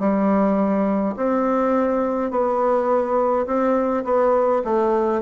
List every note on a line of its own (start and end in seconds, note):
0.00 1.15 G3
1.17 2.31 C4
2.31 3.46 B3
3.47 4.04 C4
4.05 4.63 B3
4.65 5.22 A3